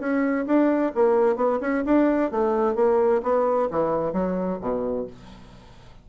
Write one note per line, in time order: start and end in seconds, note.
0.00 0.46 C#4
0.47 0.93 D4
0.95 1.36 A#3
1.36 1.59 B3
1.61 1.84 C#4
1.85 2.32 D4
2.32 2.76 A3
2.76 3.22 A#3
3.23 3.69 B3
3.71 4.13 E3
4.13 4.59 F#3
4.61 5.07 B2